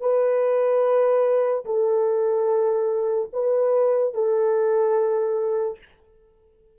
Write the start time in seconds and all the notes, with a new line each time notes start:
0.00 B4
1.65 A4
3.32 B4
4.14 A4